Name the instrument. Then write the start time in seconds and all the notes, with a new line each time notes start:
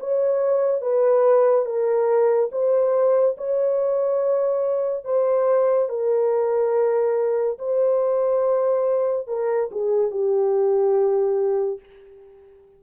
horn
0.00 C#5
0.81 B4
1.65 A#4
2.52 C5
3.37 C#5
5.04 C5
5.89 A#4
7.59 C5
9.27 A#4
9.71 G#4
10.11 G4